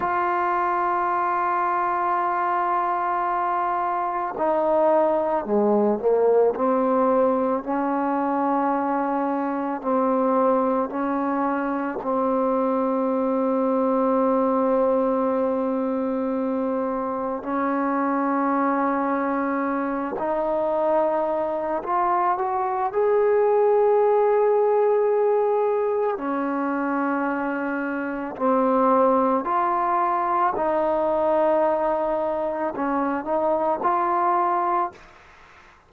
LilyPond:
\new Staff \with { instrumentName = "trombone" } { \time 4/4 \tempo 4 = 55 f'1 | dis'4 gis8 ais8 c'4 cis'4~ | cis'4 c'4 cis'4 c'4~ | c'1 |
cis'2~ cis'8 dis'4. | f'8 fis'8 gis'2. | cis'2 c'4 f'4 | dis'2 cis'8 dis'8 f'4 | }